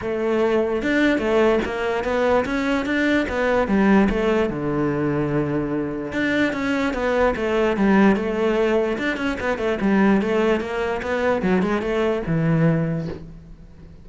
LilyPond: \new Staff \with { instrumentName = "cello" } { \time 4/4 \tempo 4 = 147 a2 d'4 a4 | ais4 b4 cis'4 d'4 | b4 g4 a4 d4~ | d2. d'4 |
cis'4 b4 a4 g4 | a2 d'8 cis'8 b8 a8 | g4 a4 ais4 b4 | fis8 gis8 a4 e2 | }